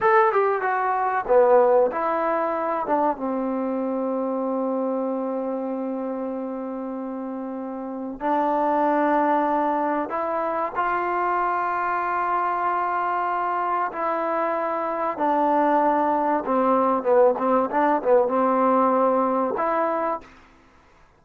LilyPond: \new Staff \with { instrumentName = "trombone" } { \time 4/4 \tempo 4 = 95 a'8 g'8 fis'4 b4 e'4~ | e'8 d'8 c'2.~ | c'1~ | c'4 d'2. |
e'4 f'2.~ | f'2 e'2 | d'2 c'4 b8 c'8 | d'8 b8 c'2 e'4 | }